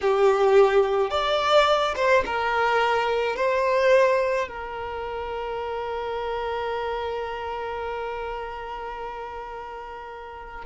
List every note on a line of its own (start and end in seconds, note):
0.01 1.10 G4
1.10 1.94 D5
1.95 2.24 C5
2.25 3.35 A#4
3.35 4.48 C5
4.48 10.64 A#4